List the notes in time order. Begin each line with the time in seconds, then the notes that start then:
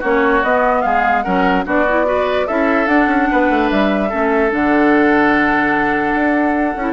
0.00 A#3 C#4 F#4 C#5
0.44 B3 D#5
0.82 G#3 G#4 F5
1.23 F#3 C#4 A#4 F#5
1.65 B3 D4 F#4 D5
1.89 E4
2.06 F#4 B4
2.47 C#4 E4 A4 E5
2.87 D4 F#5
3.07 C#4
3.31 B3 B4
3.51 A3
3.70 G3 E5
4.10 A3 C#4 A4
4.50 D3 D4 F#5
6.15 D4
6.76 C#4 E4